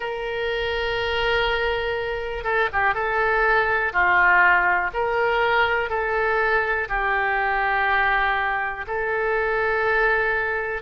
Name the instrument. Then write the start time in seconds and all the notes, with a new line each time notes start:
oboe
0.00 A#4
2.44 A4
2.72 G4
2.94 A4
3.92 F4
4.93 A#4
5.89 A4
6.89 G4
8.87 A4